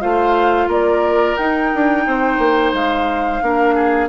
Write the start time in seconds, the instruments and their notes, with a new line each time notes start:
0.00 bassoon A3, clarinet F4, oboe C5, flute F5
0.67 bassoon A#3, oboe A#4, flute D5
1.36 bassoon D#4, clarinet D#4, flute G5
1.74 bassoon D4
2.06 bassoon C4, oboe C5
2.38 bassoon A#3
2.72 bassoon G#3, flute F5
3.41 bassoon A#3, clarinet D4, oboe A#4
3.74 oboe G#4